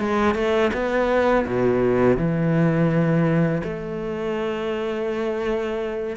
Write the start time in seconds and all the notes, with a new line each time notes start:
0.00 G#3
0.35 A3
0.74 B3
1.47 B2
2.18 E3
3.64 A3